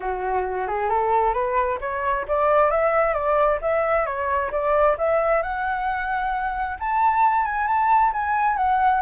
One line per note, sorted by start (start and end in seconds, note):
0.00 0.67 F#4
0.67 0.89 G#4
0.89 1.33 A4
1.33 1.78 B4
1.80 2.26 C#5
2.28 2.70 D5
2.70 3.13 E5
3.13 3.58 D5
3.61 4.05 E5
4.05 4.51 C#5
4.51 4.96 D5
4.97 5.42 E5
5.42 6.77 F#5
6.79 7.45 A5
7.45 7.67 G#5
7.67 8.12 A5
8.12 8.56 G#5
8.56 9.01 F#5